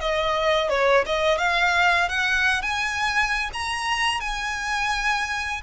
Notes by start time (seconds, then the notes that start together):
0.00 D#5
0.69 C#5
1.06 D#5
1.38 F5
2.09 F#5
2.61 G#5
3.53 A#5
4.20 G#5